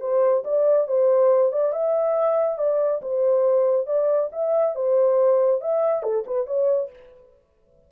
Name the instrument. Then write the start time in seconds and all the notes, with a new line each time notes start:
horn
0.00 C5
0.44 D5
0.88 C5
1.52 D5
1.73 E5
2.58 D5
3.02 C5
3.87 D5
4.32 E5
4.75 C5
5.61 E5
6.03 A4
6.27 B4
6.46 C#5